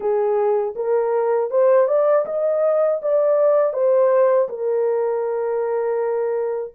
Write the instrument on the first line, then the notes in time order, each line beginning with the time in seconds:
horn
0.00 G#4
0.75 A#4
1.50 C5
1.87 D5
2.25 D#5
3.02 D5
3.73 C5
4.48 A#4